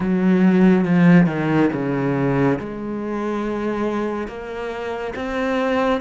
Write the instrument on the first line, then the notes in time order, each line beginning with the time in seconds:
cello
0.00 F#3
0.84 F3
1.26 D#3
1.73 C#3
2.59 G#3
4.27 A#3
5.15 C4